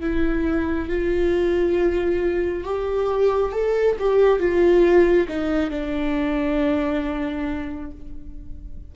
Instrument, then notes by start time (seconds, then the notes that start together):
viola
0.00 E4
0.88 F4
2.64 G4
3.52 A4
3.98 G4
4.39 F4
5.28 D#4
5.70 D4